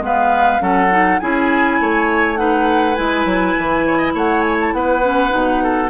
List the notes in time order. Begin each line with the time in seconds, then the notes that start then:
0.00 G#3 B3 B4 F5
0.59 F#3 C#4 A4 F#5
0.90 D#4
1.19 C#4 E4 G#4 G#5
1.80 A3 C#5
2.36 D#4 B4 F#5
2.94 G#3 E4 G#5
3.25 F#3
3.58 E3
3.86 C#5
3.97 D#5
4.14 A3 C#5 F#5
4.41 G#5
4.60 A5
4.73 B3 B4 F#5
5.03 C#4
5.29 B2 D#4
5.63 A4